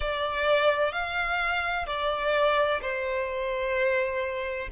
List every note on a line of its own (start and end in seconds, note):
0.00 0.92 D5
0.92 1.86 F5
1.86 2.80 D5
2.81 4.69 C5